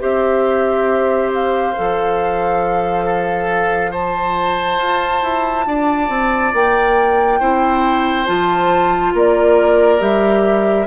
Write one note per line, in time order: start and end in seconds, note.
0.00 1.76 C4
0.00 1.74 G4
0.00 3.05 C5
0.00 1.32 E5
1.34 3.93 F5
1.77 4.78 F3
1.77 3.94 A4
3.05 3.91 A4
3.91 7.40 F4
3.91 5.65 C5
3.91 6.54 A5
4.78 5.21 F4
5.23 5.66 E4
5.67 6.09 D4
5.67 7.40 D5
6.09 6.53 C4
6.54 7.41 A#3
6.54 8.26 G5
7.40 8.28 C4
7.40 8.26 E4
7.40 9.14 C5
8.26 9.14 F3
8.26 9.99 F4
8.26 9.13 A5
9.14 10.01 A#3
9.14 10.87 A#4
9.14 10.01 D5
9.99 10.87 G3
9.99 10.86 G4
9.99 10.87 E5